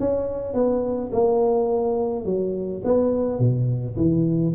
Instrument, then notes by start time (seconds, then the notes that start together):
tuba
0.00 C#4
0.54 B3
1.12 A#3
2.25 F#3
2.84 B3
3.39 B2
3.97 E3